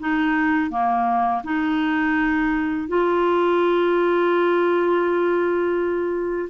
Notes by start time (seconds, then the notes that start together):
0.00 D#4
0.70 A#3
1.43 D#4
2.88 F4